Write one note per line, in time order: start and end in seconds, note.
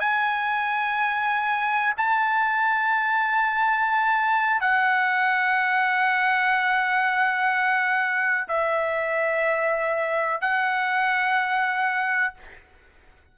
0.00 1.94 G#5
1.98 4.61 A5
4.61 8.48 F#5
8.49 10.41 E5
10.41 12.35 F#5